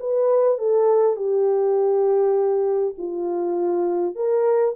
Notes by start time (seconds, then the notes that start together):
0.00 B4
0.59 A4
1.17 G4
2.98 F4
4.16 A#4